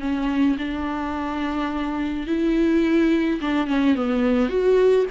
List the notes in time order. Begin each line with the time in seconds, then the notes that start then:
0.00 C#4
0.58 D4
2.27 E4
3.41 D4
3.67 C#4
3.95 B3
4.49 F#4